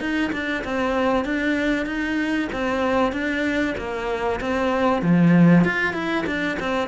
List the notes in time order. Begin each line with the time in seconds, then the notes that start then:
0.00 D#4
0.32 D4
0.64 C4
1.25 D4
1.86 D#4
2.53 C4
3.12 D4
3.78 A#3
4.41 C4
5.02 F3
5.64 F4
5.93 E4
6.26 D4
6.60 C4